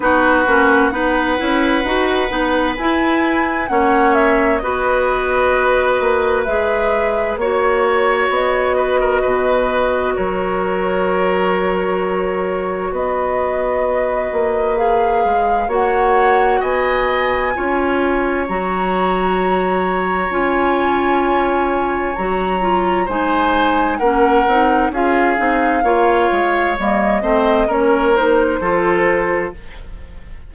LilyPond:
<<
  \new Staff \with { instrumentName = "flute" } { \time 4/4 \tempo 4 = 65 b'4 fis''2 gis''4 | fis''8 e''8 dis''2 e''4 | cis''4 dis''2 cis''4~ | cis''2 dis''2 |
f''4 fis''4 gis''2 | ais''2 gis''2 | ais''4 gis''4 fis''4 f''4~ | f''4 dis''4 cis''8 c''4. | }
  \new Staff \with { instrumentName = "oboe" } { \time 4/4 fis'4 b'2. | cis''4 b'2. | cis''4. b'16 ais'16 b'4 ais'4~ | ais'2 b'2~ |
b'4 cis''4 dis''4 cis''4~ | cis''1~ | cis''4 c''4 ais'4 gis'4 | cis''4. c''8 ais'4 a'4 | }
  \new Staff \with { instrumentName = "clarinet" } { \time 4/4 dis'8 cis'8 dis'8 e'8 fis'8 dis'8 e'4 | cis'4 fis'2 gis'4 | fis'1~ | fis'1 |
gis'4 fis'2 f'4 | fis'2 f'2 | fis'8 f'8 dis'4 cis'8 dis'8 f'8 dis'8 | f'4 ais8 c'8 cis'8 dis'8 f'4 | }
  \new Staff \with { instrumentName = "bassoon" } { \time 4/4 b8 ais8 b8 cis'8 dis'8 b8 e'4 | ais4 b4. ais8 gis4 | ais4 b4 b,4 fis4~ | fis2 b4. ais8~ |
ais8 gis8 ais4 b4 cis'4 | fis2 cis'2 | fis4 gis4 ais8 c'8 cis'8 c'8 | ais8 gis8 g8 a8 ais4 f4 | }
>>